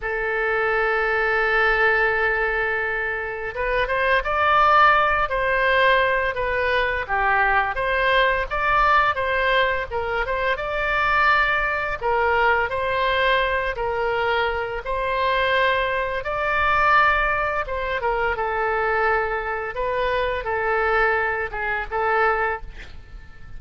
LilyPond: \new Staff \with { instrumentName = "oboe" } { \time 4/4 \tempo 4 = 85 a'1~ | a'4 b'8 c''8 d''4. c''8~ | c''4 b'4 g'4 c''4 | d''4 c''4 ais'8 c''8 d''4~ |
d''4 ais'4 c''4. ais'8~ | ais'4 c''2 d''4~ | d''4 c''8 ais'8 a'2 | b'4 a'4. gis'8 a'4 | }